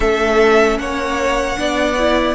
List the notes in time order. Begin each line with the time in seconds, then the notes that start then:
0.00 A3 C#4 A4 E5
0.77 A#3 C#5 F#5
1.57 B3 D4 D5
1.98 E4